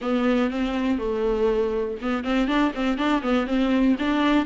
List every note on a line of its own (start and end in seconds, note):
0.01 0.50 B3
0.50 0.98 C4
0.98 1.97 A3
2.01 2.24 B3
2.24 2.47 C4
2.47 2.72 D4
2.74 2.97 C4
2.97 3.22 D4
3.22 3.46 B3
3.47 3.96 C4
3.98 4.45 D4